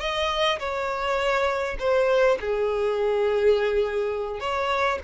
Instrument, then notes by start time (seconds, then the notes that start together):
violin
0.00 D#5
0.59 C#5
1.79 C5
2.40 G#4
4.40 C#5